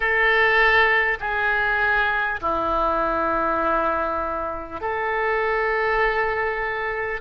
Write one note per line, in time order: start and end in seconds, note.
0.00 1.18 A4
1.19 2.39 G#4
2.41 4.81 E4
4.81 7.21 A4